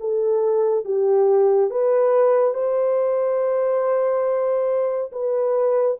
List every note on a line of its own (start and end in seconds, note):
0.00 0.85 A4
0.85 1.71 G4
1.71 2.54 B4
2.54 5.12 C5
5.12 5.98 B4